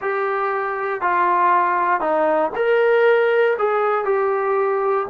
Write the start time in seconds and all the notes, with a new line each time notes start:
0.00 G4
1.01 F4
2.00 D#4
2.55 A#4
3.58 G#4
4.04 G4